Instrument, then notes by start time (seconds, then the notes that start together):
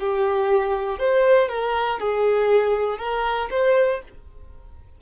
violin
0.00 G4
0.99 C5
1.49 A#4
2.00 G#4
2.99 A#4
3.51 C5